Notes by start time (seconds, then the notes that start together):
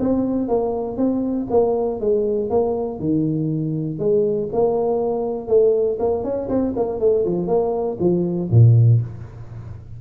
0.00 C4
0.48 A#3
0.97 C4
1.50 A#3
2.00 G#3
2.50 A#3
3.00 D#3
3.99 G#3
4.53 A#3
5.48 A3
6.00 A#3
6.24 C#4
6.49 C4
6.76 A#3
7.00 A3
7.25 F3
7.47 A#3
8.00 F3
8.51 A#2